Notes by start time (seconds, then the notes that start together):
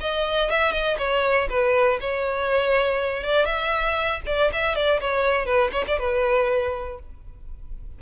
0.00 D#5
0.50 E5
0.72 D#5
0.98 C#5
1.49 B4
2.01 C#5
3.23 D5
3.45 E5
4.26 D5
4.52 E5
4.75 D5
5.00 C#5
5.46 B4
5.72 C#5
5.87 D5
5.99 B4